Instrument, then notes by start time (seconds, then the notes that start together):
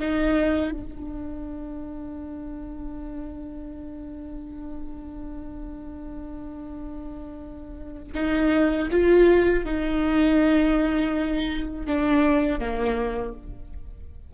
viola
0.00 D#4
0.72 D4
8.14 D#4
8.91 F4
9.65 D#4
11.87 D4
12.60 A#3